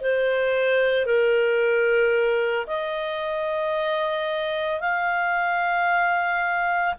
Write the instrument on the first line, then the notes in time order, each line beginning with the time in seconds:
clarinet
0.00 C5
1.06 A#4
2.67 D#5
4.80 F5